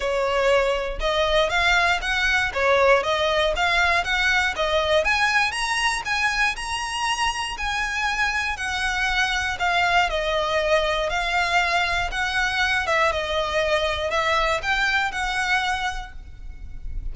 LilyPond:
\new Staff \with { instrumentName = "violin" } { \time 4/4 \tempo 4 = 119 cis''2 dis''4 f''4 | fis''4 cis''4 dis''4 f''4 | fis''4 dis''4 gis''4 ais''4 | gis''4 ais''2 gis''4~ |
gis''4 fis''2 f''4 | dis''2 f''2 | fis''4. e''8 dis''2 | e''4 g''4 fis''2 | }